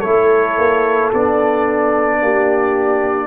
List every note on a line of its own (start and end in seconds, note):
0.00 0.58 A3
0.00 1.13 E4
0.00 2.18 A4
0.00 1.10 C#5
0.58 1.13 A#3
1.13 2.22 B3
1.13 3.27 D4
1.13 3.27 D5
2.22 3.27 A#3
2.22 3.27 G4